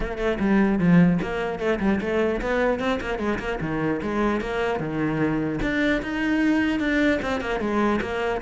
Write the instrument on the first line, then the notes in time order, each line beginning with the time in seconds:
cello
0.00 A#3
0.18 A3
0.39 G3
0.78 F3
1.21 A#3
1.59 A3
1.80 G3
2.01 A3
2.41 B3
2.79 C4
3.00 A#3
3.18 G#3
3.39 A#3
3.60 D#3
4.02 G#3
4.40 A#3
4.79 D#3
5.61 D4
6.02 D#4
6.79 D4
7.21 C4
7.40 A#3
7.60 G#3
8.01 A#3